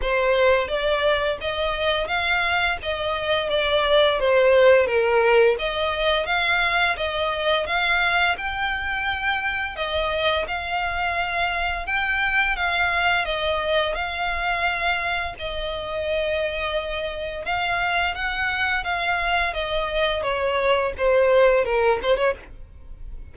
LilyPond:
\new Staff \with { instrumentName = "violin" } { \time 4/4 \tempo 4 = 86 c''4 d''4 dis''4 f''4 | dis''4 d''4 c''4 ais'4 | dis''4 f''4 dis''4 f''4 | g''2 dis''4 f''4~ |
f''4 g''4 f''4 dis''4 | f''2 dis''2~ | dis''4 f''4 fis''4 f''4 | dis''4 cis''4 c''4 ais'8 c''16 cis''16 | }